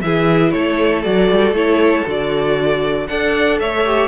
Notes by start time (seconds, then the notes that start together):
0.00 E3 E4 G#4 E5
0.51 A3 A4 C#5
1.03 F#3 F#4 D5
1.31 G3
1.51 A3 E4 C#5
2.06 D3 F#4 D5
3.07 D4 A4 D5 F#5
3.60 A3 C#5 E5
3.85 G4